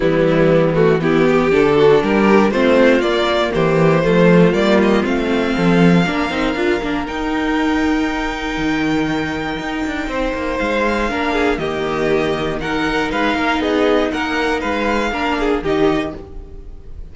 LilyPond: <<
  \new Staff \with { instrumentName = "violin" } { \time 4/4 \tempo 4 = 119 e'4. fis'8 g'4 a'4 | ais'4 c''4 d''4 c''4~ | c''4 d''8 dis''8 f''2~ | f''2 g''2~ |
g''1~ | g''4 f''2 dis''4~ | dis''4 fis''4 f''4 dis''4 | fis''4 f''2 dis''4 | }
  \new Staff \with { instrumentName = "violin" } { \time 4/4 b2 e'8 g'4 fis'8 | g'4 f'2 g'4 | f'2. a'4 | ais'1~ |
ais'1 | c''2 ais'8 gis'8 g'4~ | g'4 ais'4 b'8 ais'8 gis'4 | ais'4 b'4 ais'8 gis'8 g'4 | }
  \new Staff \with { instrumentName = "viola" } { \time 4/4 g4. a8 b4 d'4~ | d'4 c'4 ais2 | a4 ais4 c'2 | d'8 dis'8 f'8 d'8 dis'2~ |
dis'1~ | dis'2 d'4 ais4~ | ais4 dis'2.~ | dis'2 d'4 dis'4 | }
  \new Staff \with { instrumentName = "cello" } { \time 4/4 e2. d4 | g4 a4 ais4 e4 | f4 g4 a4 f4 | ais8 c'8 d'8 ais8 dis'2~ |
dis'4 dis2 dis'8 d'8 | c'8 ais8 gis4 ais4 dis4~ | dis2 gis8 ais8 b4 | ais4 gis4 ais4 dis4 | }
>>